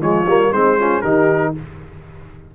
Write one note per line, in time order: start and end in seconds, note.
0.00 0.26 F3
0.00 0.26 G#3
0.00 0.51 F4
0.00 0.52 C#5
0.26 0.51 G3
0.26 0.53 A#3
0.51 1.02 G#3
0.51 0.78 C4
0.51 0.77 D#4
0.51 1.01 C5
0.78 1.04 C#4
0.78 1.02 F4
1.01 1.54 D#3
1.01 1.55 D#4
1.01 1.53 G4
1.01 1.52 A#4